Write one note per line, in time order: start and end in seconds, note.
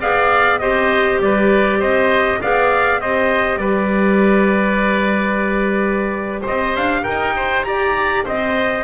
0.00 0.61 B3
0.00 0.61 G#4
0.00 0.60 D5
0.00 0.59 F5
0.59 1.19 C4
0.59 2.41 G4
0.59 1.20 C5
0.59 1.19 D#5
1.19 1.79 G3
1.19 1.79 B4
1.19 1.81 D5
1.79 2.39 C4
1.79 2.39 C5
1.79 2.41 D#5
2.41 3.00 B3
2.41 3.00 G#4
2.41 3.01 D5
2.41 3.01 F5
3.00 3.57 C4
3.00 8.84 G4
3.00 3.60 C5
3.00 3.58 D#5
3.57 6.42 G3
3.57 6.41 B4
3.57 6.43 D5
6.41 7.01 C5
6.41 6.76 D#5
6.47 6.76 C4
6.76 7.06 D4
6.76 7.04 F5
7.03 7.65 D#4
7.03 7.33 A#4
7.03 7.64 G5
7.36 7.66 C5
7.64 8.25 G4
7.64 8.25 D5
7.64 8.24 A#5
8.25 8.84 C4
8.25 8.84 C5
8.25 8.84 D#5